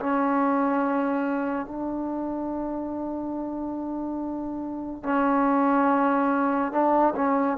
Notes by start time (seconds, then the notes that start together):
0.00 C#4
1.66 D4
5.03 C#4
6.72 D4
7.15 C#4